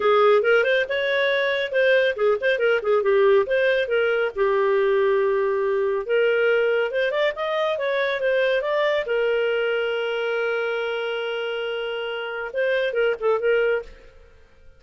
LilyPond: \new Staff \with { instrumentName = "clarinet" } { \time 4/4 \tempo 4 = 139 gis'4 ais'8 c''8 cis''2 | c''4 gis'8 c''8 ais'8 gis'8 g'4 | c''4 ais'4 g'2~ | g'2 ais'2 |
c''8 d''8 dis''4 cis''4 c''4 | d''4 ais'2.~ | ais'1~ | ais'4 c''4 ais'8 a'8 ais'4 | }